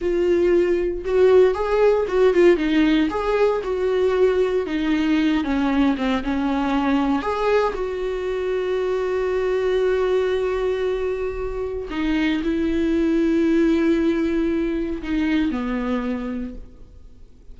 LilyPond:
\new Staff \with { instrumentName = "viola" } { \time 4/4 \tempo 4 = 116 f'2 fis'4 gis'4 | fis'8 f'8 dis'4 gis'4 fis'4~ | fis'4 dis'4. cis'4 c'8 | cis'2 gis'4 fis'4~ |
fis'1~ | fis'2. dis'4 | e'1~ | e'4 dis'4 b2 | }